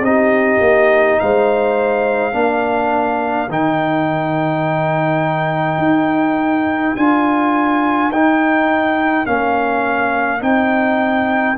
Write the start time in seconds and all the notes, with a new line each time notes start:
0.00 C4 D#4 D#5
0.06 G4
0.60 A#3
1.19 G#3 C5 F5
2.33 A#3 D4 A#4
3.49 D#3 D#4 G5
5.78 D#4
6.96 D4 F4 G#5
8.09 D#4 G5
9.25 A#3 C#4 F5
10.40 C4 D#4 G5